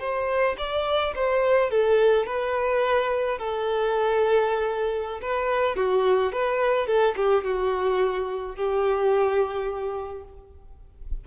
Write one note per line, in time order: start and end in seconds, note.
0.00 0.56 C5
0.58 1.14 D5
1.15 1.71 C5
1.71 2.27 A4
2.27 3.38 B4
3.38 5.21 A4
5.22 5.76 B4
5.76 6.32 F#4
6.32 6.87 B4
6.87 7.15 A4
7.16 7.44 G4
7.44 8.56 F#4
8.56 10.24 G4